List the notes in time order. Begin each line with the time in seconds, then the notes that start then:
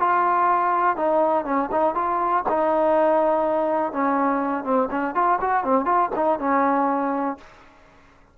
0.00 F4
0.97 D#4
1.45 C#4
1.72 D#4
1.95 F4
2.49 D#4
3.93 C#4
4.64 C4
4.91 C#4
5.15 F4
5.41 F#4
5.64 C4
5.85 F4
6.16 D#4
6.40 C#4